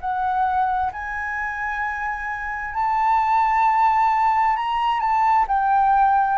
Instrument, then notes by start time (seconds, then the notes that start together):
flute
0.00 F#5
0.92 G#5
2.74 A5
4.56 A#5
5.00 A5
5.47 G5